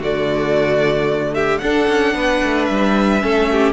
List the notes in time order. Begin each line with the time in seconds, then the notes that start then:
0.00 D3 A3 F#4 D5
1.34 G4 E5
1.58 D4 A4 F#5
1.88 C#4
2.14 B3 B4
2.43 A3
2.66 G3 E5
3.21 A3 C#4 A4
3.51 G4